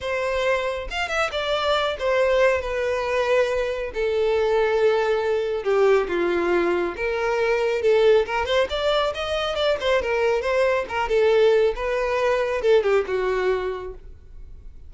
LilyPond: \new Staff \with { instrumentName = "violin" } { \time 4/4 \tempo 4 = 138 c''2 f''8 e''8 d''4~ | d''8 c''4. b'2~ | b'4 a'2.~ | a'4 g'4 f'2 |
ais'2 a'4 ais'8 c''8 | d''4 dis''4 d''8 c''8 ais'4 | c''4 ais'8 a'4. b'4~ | b'4 a'8 g'8 fis'2 | }